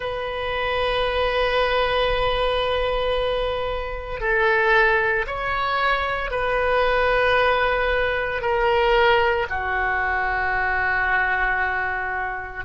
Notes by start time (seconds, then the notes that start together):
0.00 B4
4.20 A4
5.26 C#5
6.31 B4
8.41 A#4
9.49 F#4